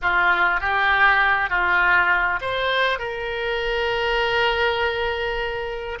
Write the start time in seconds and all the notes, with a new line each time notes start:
0.02 F4
0.60 G4
1.49 F4
2.41 C5
2.98 A#4